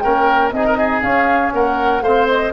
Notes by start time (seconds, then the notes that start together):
0.00 A#3 C#4 A#4 G5
0.50 C4 D#4 G#4 D#5
0.65 A#4
0.78 G#4
1.01 C#4 F5
1.53 A#3 A#4 F#5
2.01 A3 C4 C5 F5
2.28 D#5